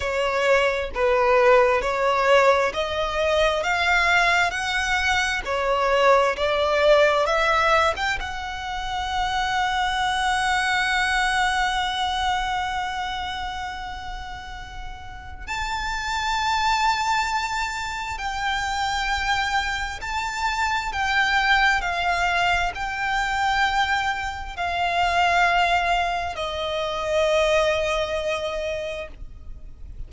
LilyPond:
\new Staff \with { instrumentName = "violin" } { \time 4/4 \tempo 4 = 66 cis''4 b'4 cis''4 dis''4 | f''4 fis''4 cis''4 d''4 | e''8. g''16 fis''2.~ | fis''1~ |
fis''4 a''2. | g''2 a''4 g''4 | f''4 g''2 f''4~ | f''4 dis''2. | }